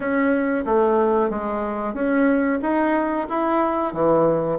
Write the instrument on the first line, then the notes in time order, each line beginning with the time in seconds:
bassoon
0.00 C#4
0.65 A3
1.30 G#3
1.94 C#4
2.62 D#4
3.29 E4
3.93 E3